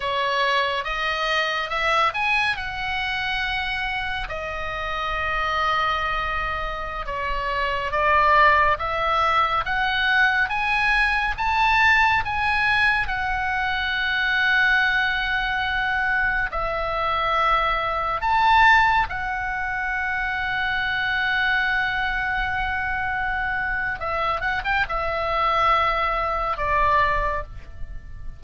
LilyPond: \new Staff \with { instrumentName = "oboe" } { \time 4/4 \tempo 4 = 70 cis''4 dis''4 e''8 gis''8 fis''4~ | fis''4 dis''2.~ | dis''16 cis''4 d''4 e''4 fis''8.~ | fis''16 gis''4 a''4 gis''4 fis''8.~ |
fis''2.~ fis''16 e''8.~ | e''4~ e''16 a''4 fis''4.~ fis''16~ | fis''1 | e''8 fis''16 g''16 e''2 d''4 | }